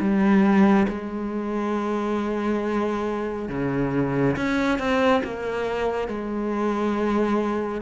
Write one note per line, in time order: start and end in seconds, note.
0.00 0.87 G3
0.89 3.49 G#3
3.49 4.36 C#3
4.36 4.79 C#4
4.79 5.22 C4
5.24 6.08 A#3
6.08 7.81 G#3